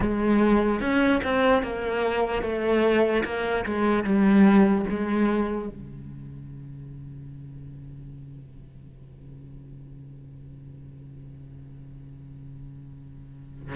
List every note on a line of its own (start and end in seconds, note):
0.00 0.80 G#3
0.80 1.21 C#4
1.24 1.62 C4
1.62 2.42 A#3
2.42 3.23 A3
3.24 3.64 A#3
3.65 4.04 G#3
4.04 4.85 G3
4.89 5.68 G#3
5.68 13.75 C#3